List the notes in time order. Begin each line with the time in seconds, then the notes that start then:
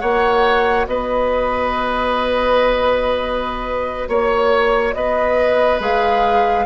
0.00 A#3 F#4 C#5 F#5
0.87 B3 B4 D#5
4.08 A#3 C#5
4.94 B3 B4 D#5
5.80 G#3 G#4 F5